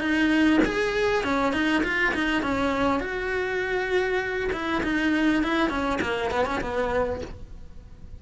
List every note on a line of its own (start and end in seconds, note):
0.00 0.60 D#4
0.65 1.24 G#4
1.24 1.53 C#4
1.53 1.83 D#4
1.84 2.14 F4
2.14 2.42 D#4
2.42 3.00 C#4
3.00 4.50 F#4
4.52 4.82 E4
4.83 5.43 D#4
5.43 5.69 E4
5.69 5.99 C#4
6.01 6.31 A#3
6.31 6.46 B3
6.46 6.61 C#4
6.61 7.21 B3